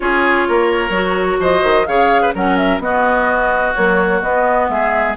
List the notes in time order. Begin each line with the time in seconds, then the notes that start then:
0.00 C#4 F4 G#4 C#5
0.48 A#3 A#4
0.89 F#3 F#4
1.39 F3 C5 D#5
1.63 D#3
1.85 C#3 G#4 C#5 F5
2.22 B4
2.34 F#3 C#4 A#4 F#5
2.57 E5
2.79 B3 F#4 D#5
3.74 F#3 A#3 C#5
4.21 B3 D#5
4.68 G#3 G#4 E5